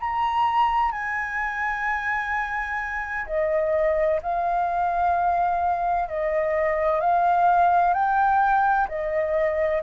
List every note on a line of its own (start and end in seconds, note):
0.00 0.92 A#5
0.92 3.26 G#5
3.26 4.20 D#5
4.22 6.09 F5
6.09 7.01 D#5
7.01 7.93 F5
7.93 8.87 G5
8.88 9.82 D#5